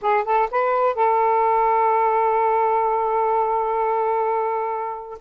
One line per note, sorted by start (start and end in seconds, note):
0.01 0.24 G#4
0.24 0.48 A4
0.50 0.95 B4
0.95 5.18 A4